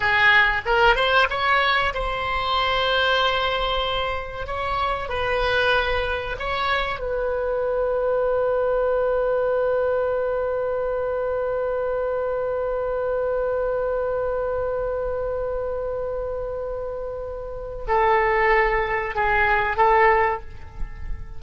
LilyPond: \new Staff \with { instrumentName = "oboe" } { \time 4/4 \tempo 4 = 94 gis'4 ais'8 c''8 cis''4 c''4~ | c''2. cis''4 | b'2 cis''4 b'4~ | b'1~ |
b'1~ | b'1~ | b'1 | a'2 gis'4 a'4 | }